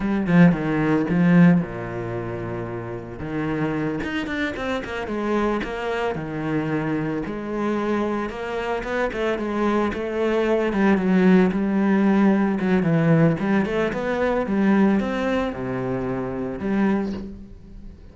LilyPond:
\new Staff \with { instrumentName = "cello" } { \time 4/4 \tempo 4 = 112 g8 f8 dis4 f4 ais,4~ | ais,2 dis4. dis'8 | d'8 c'8 ais8 gis4 ais4 dis8~ | dis4. gis2 ais8~ |
ais8 b8 a8 gis4 a4. | g8 fis4 g2 fis8 | e4 g8 a8 b4 g4 | c'4 c2 g4 | }